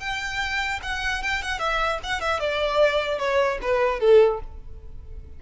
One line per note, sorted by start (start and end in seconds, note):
0.00 0.80 G5
0.83 1.23 F#5
1.23 1.42 G5
1.42 1.59 F#5
1.59 1.99 E5
2.04 2.20 F#5
2.20 2.40 E5
2.40 3.19 D5
3.19 3.59 C#5
3.62 4.00 B4
4.00 4.40 A4